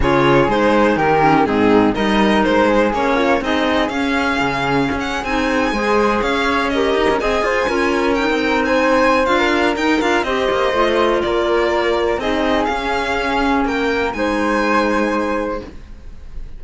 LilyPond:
<<
  \new Staff \with { instrumentName = "violin" } { \time 4/4 \tempo 4 = 123 cis''4 c''4 ais'4 gis'4 | dis''4 c''4 cis''4 dis''4 | f''2~ f''16 fis''8 gis''4~ gis''16~ | gis''8. f''4 dis''4 gis''4~ gis''16~ |
gis''8. g''4 gis''4~ gis''16 f''4 | g''8 f''8 dis''2 d''4~ | d''4 dis''4 f''2 | g''4 gis''2. | }
  \new Staff \with { instrumentName = "flute" } { \time 4/4 gis'2 g'4 dis'4 | ais'4. gis'4 f'8 gis'4~ | gis'2.~ gis'8. c''16~ | c''8. cis''4 ais'4 dis''8 c''8 ais'16~ |
ais'4.~ ais'16 c''4. ais'8.~ | ais'4 c''2 ais'4~ | ais'4 gis'2. | ais'4 c''2. | }
  \new Staff \with { instrumentName = "clarinet" } { \time 4/4 f'4 dis'4. cis'8 c'4 | dis'2 cis'4 dis'4 | cis'2~ cis'8. dis'4 gis'16~ | gis'4.~ gis'16 g'4 gis'4 f'16~ |
f'8. dis'2~ dis'16 f'4 | dis'8 f'8 g'4 f'2~ | f'4 dis'4 cis'2~ | cis'4 dis'2. | }
  \new Staff \with { instrumentName = "cello" } { \time 4/4 cis4 gis4 dis4 gis,4 | g4 gis4 ais4 c'4 | cis'4 cis4 cis'8. c'4 gis16~ | gis8. cis'4. dis'16 cis'16 c'8 f'8 cis'16~ |
cis'4 c'2 d'4 | dis'8 d'8 c'8 ais8 a4 ais4~ | ais4 c'4 cis'2 | ais4 gis2. | }
>>